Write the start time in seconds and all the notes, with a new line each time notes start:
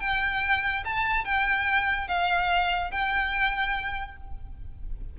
0.00 G5
0.85 A5
1.25 G5
2.08 F5
2.91 G5